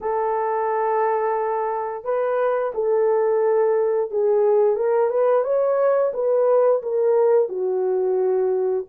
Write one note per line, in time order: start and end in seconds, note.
0.01 2.04 A4
2.04 2.72 B4
2.74 4.10 A4
4.10 4.75 G#4
4.75 5.10 A#4
5.10 5.44 B4
5.44 6.12 C#5
6.13 6.82 B4
6.82 7.48 A#4
7.48 8.85 F#4